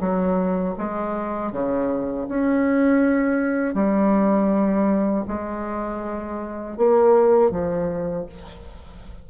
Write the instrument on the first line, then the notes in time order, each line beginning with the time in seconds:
bassoon
0.00 F#3
0.78 G#3
1.52 C#3
2.29 C#4
3.75 G3
5.28 G#3
6.77 A#3
7.51 F3